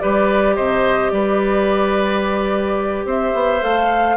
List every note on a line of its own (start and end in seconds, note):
0.00 0.58 G3
0.00 3.61 G4
0.00 0.56 B4
0.00 0.56 D5
0.56 1.12 C3
0.56 1.12 C5
0.56 1.10 D#5
1.10 3.06 G3
1.10 3.07 B4
1.10 3.05 D5
3.06 3.33 C4
3.06 4.17 C5
3.06 3.64 E5
3.34 3.62 B3
3.61 4.17 A3
3.61 4.17 A4
3.61 4.17 F5